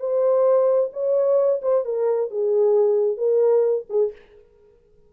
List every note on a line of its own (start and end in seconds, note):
0.00 0.91 C5
0.93 1.61 C#5
1.63 1.85 C5
1.85 2.31 A#4
2.31 3.18 G#4
3.18 3.86 A#4
3.90 4.13 G#4